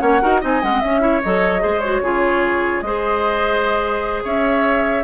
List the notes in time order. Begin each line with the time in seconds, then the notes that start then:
0.00 A#3 C#4 C#5 F#5
0.22 D#4 F#4 A#4
0.41 C4 D#4 D#5 G#5
0.63 G#3 C#4 F#5
0.72 C4
0.81 C#4 E5
1.01 E4 C#5
1.23 F#3 A4 D#5
1.60 G#3 G#4 C5
1.81 F#4 C#5
2.01 C#3 F4 G#4
2.81 G#3 G#4 C5 D#5
4.24 C#4 C#5 E5